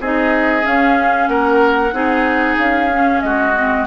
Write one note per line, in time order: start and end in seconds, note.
0.00 0.65 C4
0.00 0.63 D#4
0.00 1.30 G#4
0.00 0.66 D#5
0.63 1.92 C#4
0.63 1.28 C#4
0.63 1.28 F5
1.28 1.93 A#3
1.28 1.94 A#4
1.28 2.57 F#5
1.93 2.57 C4
1.93 2.90 D#4
1.93 3.24 G#4
2.58 3.23 C#4
2.58 3.21 F5
2.91 3.56 C#4
3.21 3.87 G#3
3.21 3.87 F#4
3.21 3.86 D#5
3.56 3.87 C4